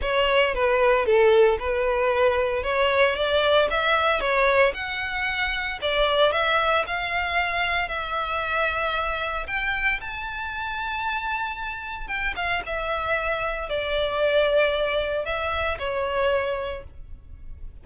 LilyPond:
\new Staff \with { instrumentName = "violin" } { \time 4/4 \tempo 4 = 114 cis''4 b'4 a'4 b'4~ | b'4 cis''4 d''4 e''4 | cis''4 fis''2 d''4 | e''4 f''2 e''4~ |
e''2 g''4 a''4~ | a''2. g''8 f''8 | e''2 d''2~ | d''4 e''4 cis''2 | }